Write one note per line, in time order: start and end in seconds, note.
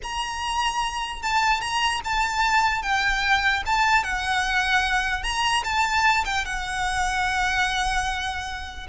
0.03 1.22 A#5
1.22 1.60 A5
1.60 2.01 A#5
2.04 2.82 A5
2.82 3.63 G5
3.66 4.03 A5
4.03 5.23 F#5
5.23 5.63 A#5
5.63 6.24 A5
6.25 6.45 G5
6.45 8.87 F#5